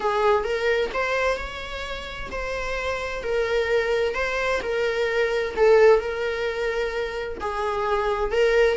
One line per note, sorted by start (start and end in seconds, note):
0.00 0.44 G#4
0.44 0.90 A#4
0.93 1.37 C5
1.37 2.29 C#5
2.31 3.23 C5
3.23 4.14 A#4
4.14 4.60 C5
4.62 5.54 A#4
5.56 5.99 A4
5.99 7.38 A#4
7.40 8.31 G#4
8.31 8.77 A#4